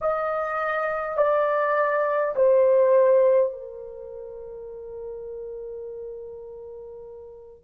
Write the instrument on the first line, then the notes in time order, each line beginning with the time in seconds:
horn
0.01 D#5
1.17 D5
2.35 C5
3.52 A#4